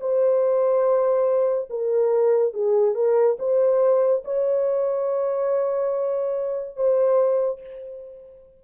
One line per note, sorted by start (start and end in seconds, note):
0.00 1.69 C5
1.70 2.54 A#4
2.54 2.95 G#4
2.95 3.37 A#4
3.39 4.24 C5
4.24 6.76 C#5
6.76 7.61 C5